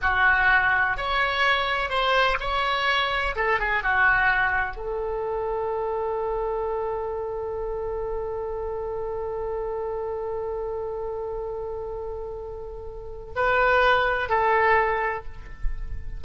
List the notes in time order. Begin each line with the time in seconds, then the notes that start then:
0.01 F#4
0.97 C#5
1.89 C5
2.39 C#5
3.35 A4
3.59 G#4
3.83 F#4
4.76 A4
13.35 B4
14.29 A4